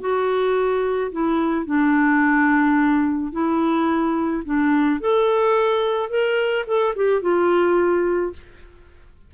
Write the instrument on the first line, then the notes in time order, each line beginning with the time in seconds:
clarinet
0.00 F#4
1.11 E4
1.66 D4
3.32 E4
4.45 D4
5.00 A4
6.09 A#4
6.67 A4
6.95 G4
7.22 F4